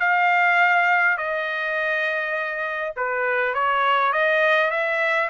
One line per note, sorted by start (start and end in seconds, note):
0.00 1.18 F5
1.18 2.94 D#5
2.97 3.55 B4
3.55 4.13 C#5
4.13 4.71 D#5
4.71 5.30 E5